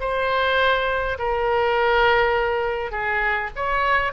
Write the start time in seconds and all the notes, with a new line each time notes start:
0.00 C5
1.18 A#4
2.91 G#4
3.56 C#5